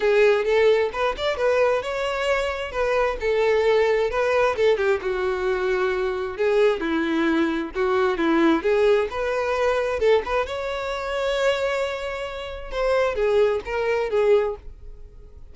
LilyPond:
\new Staff \with { instrumentName = "violin" } { \time 4/4 \tempo 4 = 132 gis'4 a'4 b'8 d''8 b'4 | cis''2 b'4 a'4~ | a'4 b'4 a'8 g'8 fis'4~ | fis'2 gis'4 e'4~ |
e'4 fis'4 e'4 gis'4 | b'2 a'8 b'8 cis''4~ | cis''1 | c''4 gis'4 ais'4 gis'4 | }